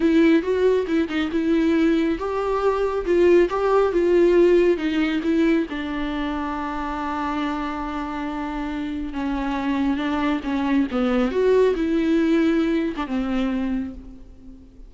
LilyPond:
\new Staff \with { instrumentName = "viola" } { \time 4/4 \tempo 4 = 138 e'4 fis'4 e'8 dis'8 e'4~ | e'4 g'2 f'4 | g'4 f'2 dis'4 | e'4 d'2.~ |
d'1~ | d'4 cis'2 d'4 | cis'4 b4 fis'4 e'4~ | e'4.~ e'16 d'16 c'2 | }